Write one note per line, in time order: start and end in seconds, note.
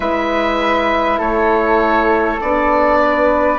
0.00 1.18 G#3
0.00 2.40 E4
0.00 1.18 B4
0.00 1.20 E5
1.18 2.40 A3
1.18 2.98 A4
1.18 2.41 C#5
2.41 3.58 B3
2.41 3.58 D4
2.41 3.58 D5
3.00 3.58 B4